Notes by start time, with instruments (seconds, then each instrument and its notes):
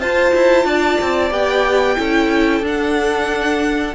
0.00 cello F4, viola F4, violin C5 A5
0.34 cello E4
0.65 cello D4, violin D5
1.02 cello C4
1.31 cello B3, viola G4, violin G5
1.96 cello C#4, viola E4, violin A4
2.61 cello D4, viola D4
2.67 violin F#5